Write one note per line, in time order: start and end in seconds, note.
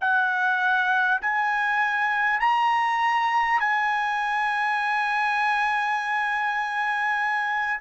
0.00 1.20 F#5
1.21 2.39 G#5
2.39 3.59 A#5
3.59 7.79 G#5